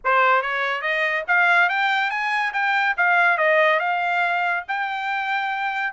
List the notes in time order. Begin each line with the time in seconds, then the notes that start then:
0.04 C5
0.42 C#5
0.81 D#5
1.27 F5
1.69 G5
2.10 G#5
2.53 G5
2.97 F5
3.37 D#5
3.79 F5
4.68 G5